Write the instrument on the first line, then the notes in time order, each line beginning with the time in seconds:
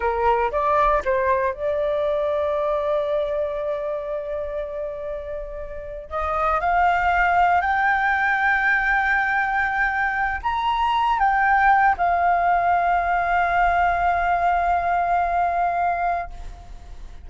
flute
0.00 A#4
0.51 D5
1.04 C5
1.53 D5
6.09 D#5
6.60 F5
7.61 G5
10.42 A#5
11.19 G5
11.97 F5